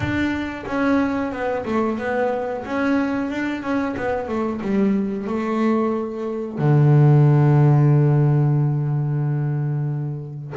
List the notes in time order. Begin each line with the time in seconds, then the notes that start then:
0.00 D4
0.66 C#4
1.32 B3
1.65 A3
1.98 B3
2.65 C#4
3.30 D4
3.62 C#4
3.97 B3
4.28 A3
4.61 G3
5.27 A3
6.58 D3